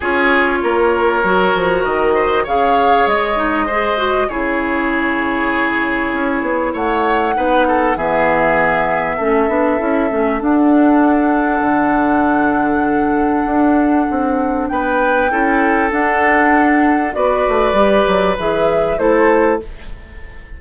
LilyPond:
<<
  \new Staff \with { instrumentName = "flute" } { \time 4/4 \tempo 4 = 98 cis''2. dis''4 | f''4 dis''2 cis''4~ | cis''2. fis''4~ | fis''4 e''2.~ |
e''4 fis''2.~ | fis''1 | g''2 fis''2 | d''2 e''4 c''4 | }
  \new Staff \with { instrumentName = "oboe" } { \time 4/4 gis'4 ais'2~ ais'8 c''8 | cis''2 c''4 gis'4~ | gis'2. cis''4 | b'8 a'8 gis'2 a'4~ |
a'1~ | a'1 | b'4 a'2. | b'2. a'4 | }
  \new Staff \with { instrumentName = "clarinet" } { \time 4/4 f'2 fis'2 | gis'4. dis'8 gis'8 fis'8 e'4~ | e'1 | dis'4 b2 cis'8 d'8 |
e'8 cis'8 d'2.~ | d'1~ | d'4 e'4 d'2 | fis'4 g'4 gis'4 e'4 | }
  \new Staff \with { instrumentName = "bassoon" } { \time 4/4 cis'4 ais4 fis8 f8 dis4 | cis4 gis2 cis4~ | cis2 cis'8 b8 a4 | b4 e2 a8 b8 |
cis'8 a8 d'2 d4~ | d2 d'4 c'4 | b4 cis'4 d'2 | b8 a8 g8 fis8 e4 a4 | }
>>